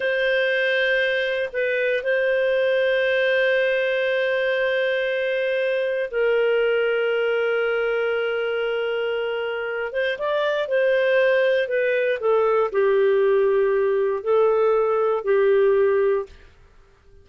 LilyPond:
\new Staff \with { instrumentName = "clarinet" } { \time 4/4 \tempo 4 = 118 c''2. b'4 | c''1~ | c''1 | ais'1~ |
ais'2.~ ais'8 c''8 | d''4 c''2 b'4 | a'4 g'2. | a'2 g'2 | }